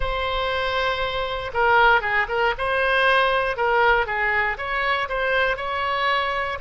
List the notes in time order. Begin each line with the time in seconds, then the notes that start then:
0.00 C5
1.53 A#4
2.01 G#4
2.28 A#4
2.57 C5
3.57 A#4
4.06 G#4
4.57 C#5
5.08 C5
5.56 C#5